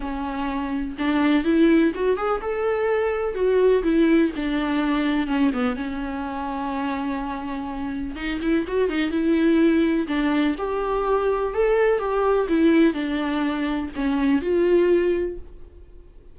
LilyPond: \new Staff \with { instrumentName = "viola" } { \time 4/4 \tempo 4 = 125 cis'2 d'4 e'4 | fis'8 gis'8 a'2 fis'4 | e'4 d'2 cis'8 b8 | cis'1~ |
cis'4 dis'8 e'8 fis'8 dis'8 e'4~ | e'4 d'4 g'2 | a'4 g'4 e'4 d'4~ | d'4 cis'4 f'2 | }